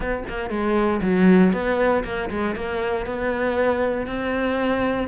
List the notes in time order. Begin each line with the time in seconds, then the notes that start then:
0.00 B3
0.28 A#3
0.49 G#3
1.01 F#3
1.53 B3
2.04 A#3
2.30 G#3
2.55 A#3
3.06 B3
4.06 C4